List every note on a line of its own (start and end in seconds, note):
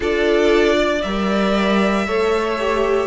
0.00 1.03 D4
0.00 1.02 F4
0.00 0.75 A4
0.00 1.02 D5
0.77 2.06 D5
1.02 2.07 G3
1.02 2.07 A#4
1.02 3.06 E5
2.06 3.06 A3
2.06 2.59 A4
2.06 3.06 C#5
2.59 3.06 G4